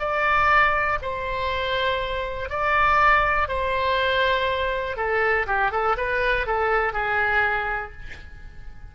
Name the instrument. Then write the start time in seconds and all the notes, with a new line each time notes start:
oboe
0.00 D5
1.02 C5
2.50 D5
3.49 C5
4.97 A4
5.47 G4
5.72 A4
5.97 B4
6.47 A4
6.93 G#4